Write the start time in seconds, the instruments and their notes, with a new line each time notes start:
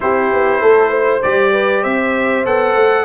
0.00 tuba C4, trombone E4, horn G4, trumpet C5
0.32 tuba B3
0.61 tuba A3, horn A4
0.90 horn C5
1.22 tuba G3, trombone G4, trumpet D5
1.52 horn B4
1.82 tuba C4, horn C5, trumpet E5
2.45 tuba B3, trombone A4, trumpet F#5
2.75 tuba A3